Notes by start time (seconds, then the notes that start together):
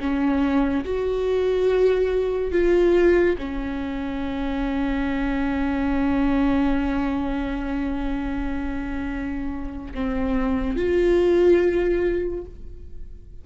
0.00 C#4
0.85 F#4
2.52 F4
3.39 C#4
9.95 C4
10.77 F4